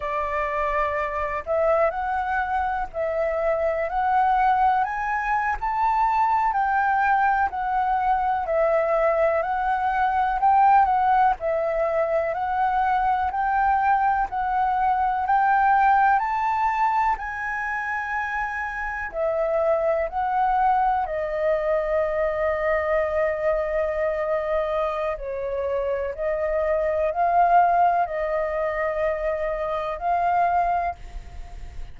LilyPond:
\new Staff \with { instrumentName = "flute" } { \time 4/4 \tempo 4 = 62 d''4. e''8 fis''4 e''4 | fis''4 gis''8. a''4 g''4 fis''16~ | fis''8. e''4 fis''4 g''8 fis''8 e''16~ | e''8. fis''4 g''4 fis''4 g''16~ |
g''8. a''4 gis''2 e''16~ | e''8. fis''4 dis''2~ dis''16~ | dis''2 cis''4 dis''4 | f''4 dis''2 f''4 | }